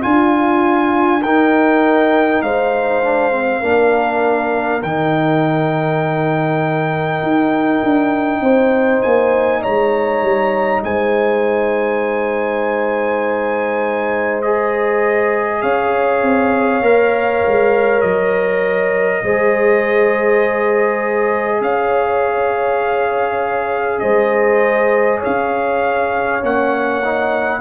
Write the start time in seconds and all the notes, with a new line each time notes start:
0.00 D4 F4 G#5
1.23 D#4 A#4 G5
2.42 G#3 C5 F5
3.03 D4
3.31 C4
3.60 A#3 D4 A#4
4.83 D#3 D#4 G5
7.22 D#4
7.83 D4
8.40 C4 C5
9.02 A#3 G#5
9.62 G#3 C#5 A#5
10.22 G3
10.83 G#3 C5 G#5
14.42 G#4 D#5
15.62 C#4 C#5 F5
16.22 C4
16.81 A#3 A#4
17.47 G#3
18.01 F#3 D#5
19.23 G#3 G#4 C5
21.61 C#4 C#5 F5
23.99 G#3 C5 D#5
25.19 C#5 F5
25.26 C#4
26.42 A#3 C#4 F#5
27.04 D#4